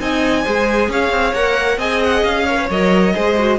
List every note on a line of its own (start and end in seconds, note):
0.00 0.45 C4
0.00 0.45 D#4
0.00 0.44 D#5
0.00 0.91 G#5
0.44 0.89 G#3
0.44 1.35 G#4
0.44 0.90 C5
0.89 1.10 C#4
0.89 1.78 C#5
0.89 1.34 F5
1.10 1.33 C4
1.34 1.78 A#3
1.34 1.79 A#4
1.34 1.80 F#5
1.78 2.23 C4
1.78 2.47 G#4
1.78 2.46 D#5
1.78 2.03 G#5
2.04 2.24 F#5
2.24 2.69 C#4
2.24 2.69 F5
2.46 2.58 A#4
2.46 3.14 C#5
2.58 2.69 B4
2.70 3.15 F#3
2.70 3.15 A#4
2.70 3.59 D#5
3.15 3.59 G#3
3.15 3.37 G#4
3.15 3.59 C5
3.39 3.59 F#4